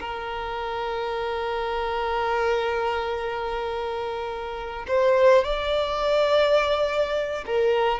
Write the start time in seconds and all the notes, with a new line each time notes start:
0.00 A#4
4.88 C5
5.44 D5
7.46 A#4